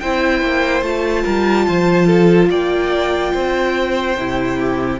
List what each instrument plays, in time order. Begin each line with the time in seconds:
0.00 cello C4, viola E4, violin C5 G5
0.43 cello A#3
0.82 cello A3, viola F4, violin A5
1.24 cello G3, violin A#4
1.67 cello F3, violin C5
2.07 violin A4
2.50 cello A#3, violin D5 G5
3.34 cello C4, violin C5
4.18 cello C3, viola E4
4.59 violin G4